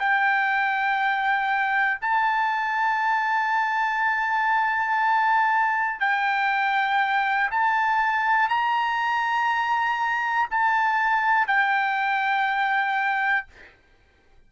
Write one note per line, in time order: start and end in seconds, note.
0.00 2.00 G5
2.01 6.00 A5
6.00 7.50 G5
7.51 8.49 A5
8.49 10.49 A#5
10.50 11.47 A5
11.47 13.47 G5